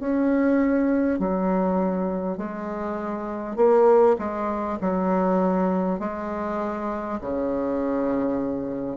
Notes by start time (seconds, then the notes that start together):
0.00 C#4
1.19 F#3
2.37 G#3
3.56 A#3
4.18 G#3
4.81 F#3
5.99 G#3
7.21 C#3